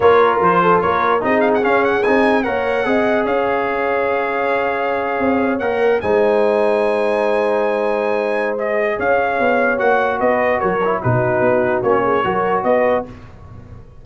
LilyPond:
<<
  \new Staff \with { instrumentName = "trumpet" } { \time 4/4 \tempo 4 = 147 cis''4 c''4 cis''4 dis''8 f''16 fis''16 | f''8 fis''8 gis''4 fis''2 | f''1~ | f''4.~ f''16 fis''4 gis''4~ gis''16~ |
gis''1~ | gis''4 dis''4 f''2 | fis''4 dis''4 cis''4 b'4~ | b'4 cis''2 dis''4 | }
  \new Staff \with { instrumentName = "horn" } { \time 4/4 ais'4. a'8 ais'4 gis'4~ | gis'2 cis''4 dis''4 | cis''1~ | cis''2~ cis''8. c''4~ c''16~ |
c''1~ | c''2 cis''2~ | cis''4 b'4 ais'4 fis'4~ | fis'4. gis'8 ais'4 b'4 | }
  \new Staff \with { instrumentName = "trombone" } { \time 4/4 f'2. dis'4 | cis'4 dis'4 ais'4 gis'4~ | gis'1~ | gis'4.~ gis'16 ais'4 dis'4~ dis'16~ |
dis'1~ | dis'4 gis'2. | fis'2~ fis'8 e'8 dis'4~ | dis'4 cis'4 fis'2 | }
  \new Staff \with { instrumentName = "tuba" } { \time 4/4 ais4 f4 ais4 c'4 | cis'4 c'4 ais4 c'4 | cis'1~ | cis'8. c'4 ais4 gis4~ gis16~ |
gis1~ | gis2 cis'4 b4 | ais4 b4 fis4 b,4 | b4 ais4 fis4 b4 | }
>>